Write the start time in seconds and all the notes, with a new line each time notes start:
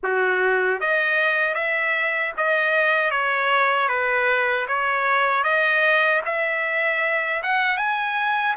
0.03 F#4
0.80 D#5
1.54 E5
2.37 D#5
3.11 C#5
3.88 B4
4.68 C#5
5.43 D#5
6.25 E5
7.42 F#5
7.77 G#5